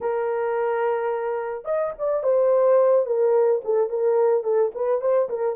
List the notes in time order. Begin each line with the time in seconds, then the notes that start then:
0.01 A#4
1.64 D#5
1.98 D5
2.23 C5
3.06 A#4
3.64 A4
3.89 A#4
4.43 A4
4.74 B4
5.01 C5
5.29 A#4